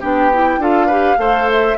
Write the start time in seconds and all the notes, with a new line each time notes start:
0.00 B3 D4 G4 G5
0.33 E4
0.57 D4 F4 A4 F5
0.86 G4 B4
1.17 A3 A4 C5
1.51 E5